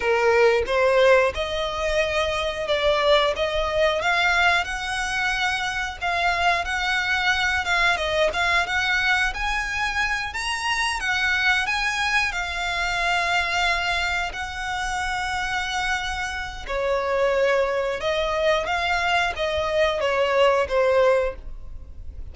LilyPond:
\new Staff \with { instrumentName = "violin" } { \time 4/4 \tempo 4 = 90 ais'4 c''4 dis''2 | d''4 dis''4 f''4 fis''4~ | fis''4 f''4 fis''4. f''8 | dis''8 f''8 fis''4 gis''4. ais''8~ |
ais''8 fis''4 gis''4 f''4.~ | f''4. fis''2~ fis''8~ | fis''4 cis''2 dis''4 | f''4 dis''4 cis''4 c''4 | }